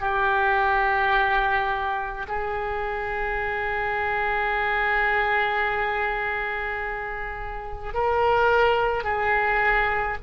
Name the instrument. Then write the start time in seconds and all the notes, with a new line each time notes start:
oboe
0.00 G4
2.27 G#4
7.93 A#4
9.04 G#4